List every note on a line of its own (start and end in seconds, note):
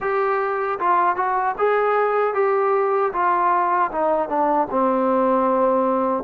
0.00 0.78 G4
0.79 1.16 F4
1.16 1.55 F#4
1.58 2.34 G#4
2.34 3.12 G4
3.12 3.90 F4
3.91 4.28 D#4
4.28 4.67 D4
4.70 6.23 C4